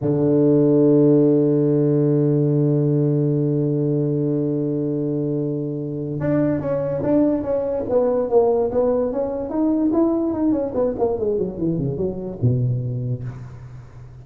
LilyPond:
\new Staff \with { instrumentName = "tuba" } { \time 4/4 \tempo 4 = 145 d1~ | d1~ | d1~ | d2. d'4 |
cis'4 d'4 cis'4 b4 | ais4 b4 cis'4 dis'4 | e'4 dis'8 cis'8 b8 ais8 gis8 fis8 | e8 cis8 fis4 b,2 | }